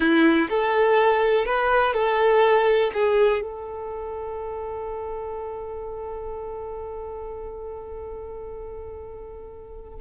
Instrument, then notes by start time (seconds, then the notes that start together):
violin
0.00 E4
0.49 A4
1.45 B4
1.93 A4
2.93 G#4
3.41 A4